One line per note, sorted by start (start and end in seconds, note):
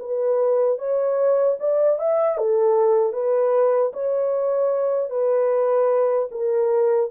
0.00 0.79 B4
0.79 1.58 C#5
1.60 2.00 D5
2.00 2.38 E5
2.38 3.13 A4
3.13 3.92 B4
3.94 5.10 C#5
5.10 6.29 B4
6.32 7.11 A#4